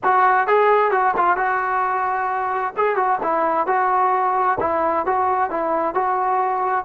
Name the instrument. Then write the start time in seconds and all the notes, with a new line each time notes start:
trombone
0.03 F#4
0.47 G#4
0.91 F#4
1.16 F4
1.36 F#4
2.76 G#4
2.96 F#4
3.22 E4
3.66 F#4
4.60 E4
5.05 F#4
5.50 E4
5.94 F#4